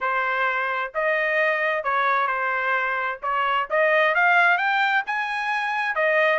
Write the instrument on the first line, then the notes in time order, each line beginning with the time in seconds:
trumpet
0.00 C5
0.94 D#5
1.83 C#5
2.27 C5
3.22 C#5
3.70 D#5
4.15 F5
4.57 G5
5.06 G#5
5.95 D#5